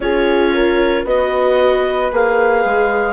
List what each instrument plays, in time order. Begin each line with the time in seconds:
0.00 bassoon C#4, viola F4, horn G#4, clarinet C#5
0.53 horn A#4
1.05 bassoon B3, viola F#4, horn B4, clarinet D#5
2.11 bassoon A#3, viola G#4, clarinet F5
2.64 bassoon G#3